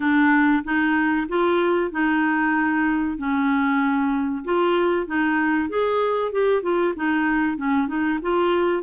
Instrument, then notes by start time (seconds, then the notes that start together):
clarinet
0.00 D4
0.63 D#4
1.28 F4
1.91 D#4
3.17 C#4
4.44 F4
5.07 D#4
5.69 G#4
6.32 G4
6.62 F4
6.96 D#4
7.57 C#4
7.87 D#4
8.21 F4